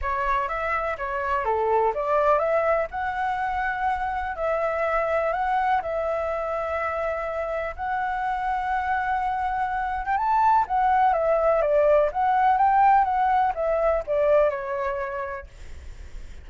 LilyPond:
\new Staff \with { instrumentName = "flute" } { \time 4/4 \tempo 4 = 124 cis''4 e''4 cis''4 a'4 | d''4 e''4 fis''2~ | fis''4 e''2 fis''4 | e''1 |
fis''1~ | fis''8. g''16 a''4 fis''4 e''4 | d''4 fis''4 g''4 fis''4 | e''4 d''4 cis''2 | }